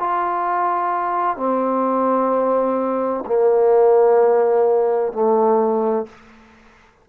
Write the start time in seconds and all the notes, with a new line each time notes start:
0.00 F4
1.37 C4
3.26 A#3
5.13 A3